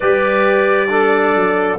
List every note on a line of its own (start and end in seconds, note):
0.00 1.35 G3
0.00 0.88 G4
0.00 0.88 B4
0.00 1.77 D5
0.88 1.77 D4
0.88 1.78 A4
1.35 1.78 F#3